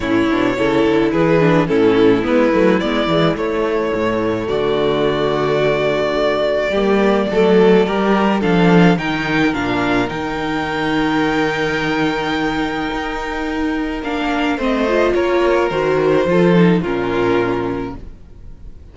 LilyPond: <<
  \new Staff \with { instrumentName = "violin" } { \time 4/4 \tempo 4 = 107 cis''2 b'4 a'4 | b'4 d''4 cis''2 | d''1~ | d''2. f''4 |
g''4 f''4 g''2~ | g''1~ | g''4 f''4 dis''4 cis''4 | c''2 ais'2 | }
  \new Staff \with { instrumentName = "violin" } { \time 4/4 e'4 a'4 gis'4 e'4~ | e'1 | fis'1 | g'4 a'4 ais'4 a'4 |
ais'1~ | ais'1~ | ais'2 c''4 ais'4~ | ais'4 a'4 f'2 | }
  \new Staff \with { instrumentName = "viola" } { \time 4/4 cis'8 d'8 e'4. d'8 cis'4 | b8 a8 b8 gis8 a2~ | a1 | ais4 a4 g'4 d'4 |
dis'4 d'4 dis'2~ | dis'1~ | dis'4 d'4 c'8 f'4. | fis'4 f'8 dis'8 cis'2 | }
  \new Staff \with { instrumentName = "cello" } { \time 4/4 a,8 b,8 cis8 d8 e4 a,4 | gis8 fis8 gis8 e8 a4 a,4 | d1 | g4 fis4 g4 f4 |
dis4 ais,4 dis2~ | dis2. dis'4~ | dis'4 ais4 a4 ais4 | dis4 f4 ais,2 | }
>>